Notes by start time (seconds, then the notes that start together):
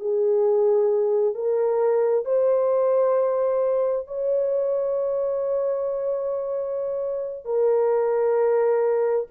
0.00 G#4
1.35 A#4
2.26 C5
4.07 C#5
7.45 A#4